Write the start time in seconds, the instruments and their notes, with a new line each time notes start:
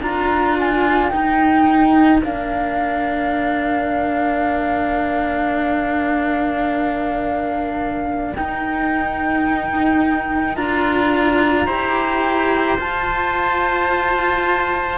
0.00 cello D4 F4, trumpet A#4, flute A#5
0.59 flute G#5
1.09 cello D#4, flute G5
2.22 cello A#3 D4, flute F5
8.34 cello D#4, flute G5
10.55 cello D4 F4, flute A#5
11.66 cello E4 G4, trumpet C5
12.78 cello F4, flute A5